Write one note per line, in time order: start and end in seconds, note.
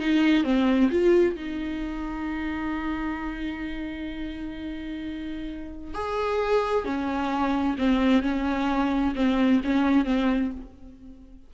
0.00 0.44 D#4
0.44 0.90 C4
0.91 1.36 F4
1.36 5.94 D#4
5.94 6.85 G#4
6.85 7.77 C#4
7.78 8.23 C4
8.23 9.15 C#4
9.16 9.61 C4
9.64 10.05 C#4
10.05 10.51 C4